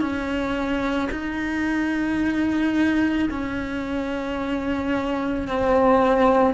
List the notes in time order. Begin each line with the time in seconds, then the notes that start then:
0.00 C#4
1.11 D#4
3.30 C#4
5.47 C4